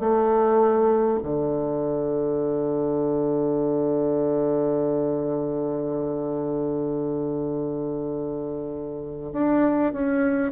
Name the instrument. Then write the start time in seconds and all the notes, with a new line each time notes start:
bassoon
0.00 A3
1.23 D3
9.33 D4
9.93 C#4